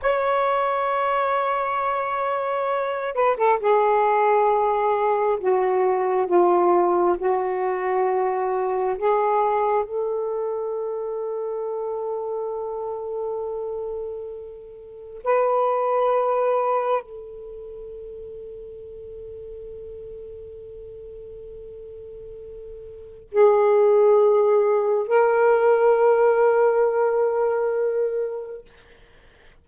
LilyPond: \new Staff \with { instrumentName = "saxophone" } { \time 4/4 \tempo 4 = 67 cis''2.~ cis''8 b'16 a'16 | gis'2 fis'4 f'4 | fis'2 gis'4 a'4~ | a'1~ |
a'4 b'2 a'4~ | a'1~ | a'2 gis'2 | ais'1 | }